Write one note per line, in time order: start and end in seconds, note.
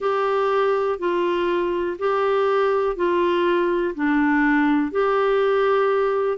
0.00 0.98 G4
0.98 1.97 F4
1.99 2.96 G4
2.96 3.94 F4
3.95 4.91 D4
4.91 6.37 G4